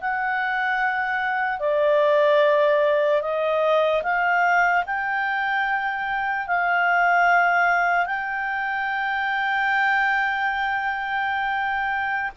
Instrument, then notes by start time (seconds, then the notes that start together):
clarinet
0.00 F#5
1.59 D5
3.21 D#5
4.02 F5
4.85 G5
6.47 F5
8.06 G5